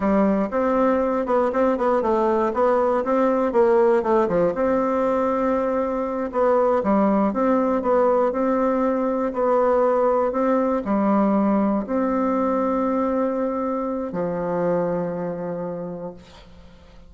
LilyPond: \new Staff \with { instrumentName = "bassoon" } { \time 4/4 \tempo 4 = 119 g4 c'4. b8 c'8 b8 | a4 b4 c'4 ais4 | a8 f8 c'2.~ | c'8 b4 g4 c'4 b8~ |
b8 c'2 b4.~ | b8 c'4 g2 c'8~ | c'1 | f1 | }